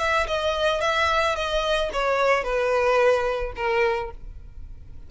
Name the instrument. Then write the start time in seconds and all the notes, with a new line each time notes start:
violin
0.00 E5
0.28 D#5
0.82 E5
1.36 D#5
1.93 C#5
2.44 B4
3.57 A#4